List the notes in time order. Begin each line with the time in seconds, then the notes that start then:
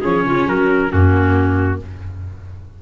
0.00 F3 C#4 G#4 C#5
0.24 C#3 F4
0.46 F#3 F#4 A#4
0.87 F#2 A#3 C#4 F#4